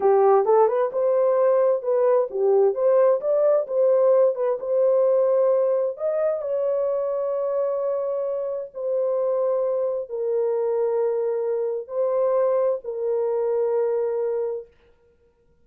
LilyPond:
\new Staff \with { instrumentName = "horn" } { \time 4/4 \tempo 4 = 131 g'4 a'8 b'8 c''2 | b'4 g'4 c''4 d''4 | c''4. b'8 c''2~ | c''4 dis''4 cis''2~ |
cis''2. c''4~ | c''2 ais'2~ | ais'2 c''2 | ais'1 | }